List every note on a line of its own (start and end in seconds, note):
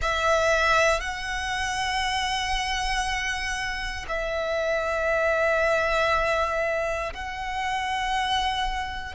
0.01 1.00 E5
1.00 4.05 F#5
4.08 7.13 E5
7.13 9.15 F#5